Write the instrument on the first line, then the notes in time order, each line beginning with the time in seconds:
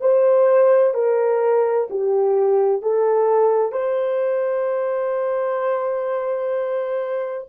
horn
0.00 C5
0.94 A#4
1.90 G4
2.82 A4
3.72 C5